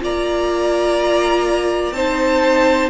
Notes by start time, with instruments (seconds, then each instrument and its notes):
0.00 cello A#3, viola F4, violin D5 A#5
1.92 cello C4, viola D#4, violin C5 A5